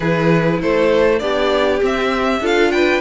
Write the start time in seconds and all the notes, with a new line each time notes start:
0.00 E3 E4 G#4 B4
0.61 A3 A4 C5
1.19 B3 D4 G4 D5
1.80 C4 E5
2.40 D4 F4 A4 F5
2.71 B4 G5